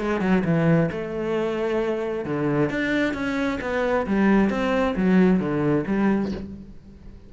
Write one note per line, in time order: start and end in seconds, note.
0.00 0.20 G#3
0.20 0.43 F#3
0.44 0.90 E3
0.91 2.25 A3
2.25 2.69 D3
2.69 3.14 D4
3.14 3.59 C#4
3.61 4.06 B3
4.06 4.49 G3
4.49 4.94 C4
4.96 5.40 F#3
5.40 5.84 D3
5.86 6.32 G3